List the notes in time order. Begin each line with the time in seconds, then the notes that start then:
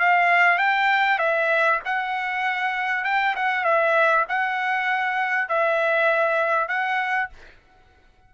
0.00 F5
0.59 G5
1.19 E5
1.85 F#5
3.05 G5
3.36 F#5
3.65 E5
4.29 F#5
5.49 E5
6.68 F#5